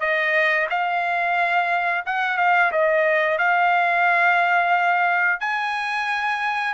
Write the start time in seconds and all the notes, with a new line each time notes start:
0.00 D#5
0.70 F5
2.06 F#5
2.37 F5
2.72 D#5
3.38 F5
5.40 G#5